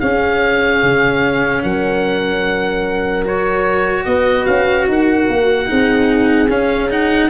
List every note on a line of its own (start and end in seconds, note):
0.00 0.82 C#4
0.00 3.24 C#4
0.00 1.62 G#4
0.00 1.62 F5
0.82 1.63 C#3
1.62 4.06 F#3
1.62 4.06 A#4
1.62 3.24 F#5
3.24 5.66 F#4
3.24 4.04 C#5
4.04 4.46 B3
4.04 4.89 B4
4.04 4.45 D#5
4.45 4.87 C#4
4.45 4.86 F5
4.87 5.28 D#4
4.87 5.68 A#4
4.87 6.50 F#5
5.29 5.69 A#3
5.66 6.48 C4
5.66 6.47 D#4
5.66 7.29 G#4
6.48 7.29 C#4
6.48 6.90 C#4
6.48 6.91 F5
6.90 7.29 D#4
6.90 7.29 F#5